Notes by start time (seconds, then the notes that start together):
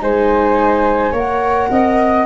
0.00 G#3 D#4 C5 G#5
1.11 A#3 A#4 C#5 F#5
1.70 C4 D#5